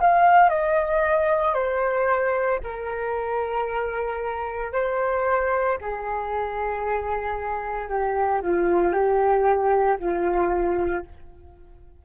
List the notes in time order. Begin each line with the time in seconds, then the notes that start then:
0.00 F5
0.49 D#5
1.54 C5
2.64 A#4
4.73 C5
5.81 G#4
7.89 G4
8.42 F4
8.93 G4
10.00 F4